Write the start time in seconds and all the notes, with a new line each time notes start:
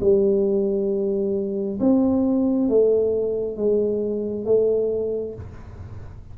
0.00 G3
1.80 C4
2.68 A3
3.57 G#3
4.45 A3